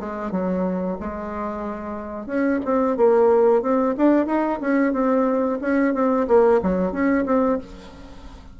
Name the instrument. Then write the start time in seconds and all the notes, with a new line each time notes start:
bassoon
0.00 G#3
0.31 F#3
1.00 G#3
2.27 C#4
2.65 C4
2.97 A#3
3.62 C4
3.97 D4
4.26 D#4
4.61 C#4
4.93 C4
5.61 C#4
5.94 C4
6.28 A#3
6.63 F#3
6.92 C#4
7.26 C4